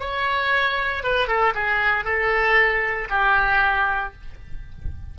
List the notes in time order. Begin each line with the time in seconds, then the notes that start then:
0.00 C#5
1.03 B4
1.28 A4
1.55 G#4
2.05 A4
3.10 G4